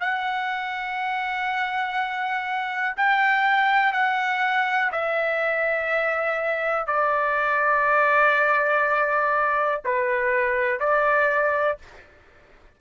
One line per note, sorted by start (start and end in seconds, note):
0.00 2.95 F#5
2.97 3.93 G5
3.93 4.91 F#5
4.92 6.87 E5
6.87 9.82 D5
9.85 10.80 B4
10.80 11.79 D5